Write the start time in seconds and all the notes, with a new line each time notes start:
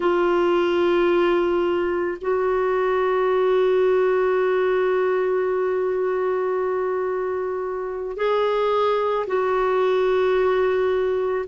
0.00 F4
2.21 F#4
8.17 G#4
9.27 F#4